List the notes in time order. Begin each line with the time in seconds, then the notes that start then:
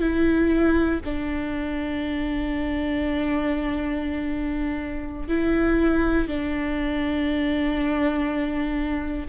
0.00 E4
1.05 D4
5.28 E4
6.27 D4